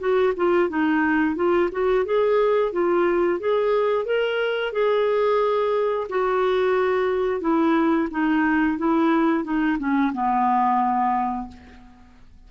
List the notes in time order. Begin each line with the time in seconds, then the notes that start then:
0.00 F#4
0.37 F4
0.69 D#4
1.36 F4
1.72 F#4
2.06 G#4
2.73 F4
3.40 G#4
4.05 A#4
4.73 G#4
6.09 F#4
7.41 E4
8.11 D#4
8.78 E4
9.44 D#4
9.79 C#4
10.13 B3